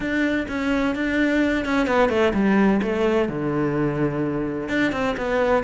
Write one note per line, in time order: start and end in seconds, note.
0.00 0.46 D4
0.48 0.95 C#4
0.95 1.65 D4
1.65 1.86 C#4
1.86 2.09 B3
2.09 2.32 A3
2.33 2.80 G3
2.82 3.29 A3
3.29 4.69 D3
4.69 4.92 D4
4.92 5.15 C4
5.17 5.63 B3